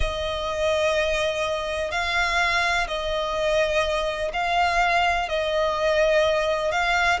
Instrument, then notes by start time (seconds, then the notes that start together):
violin
0.00 D#5
1.91 F5
2.87 D#5
4.33 F5
5.28 D#5
6.71 F5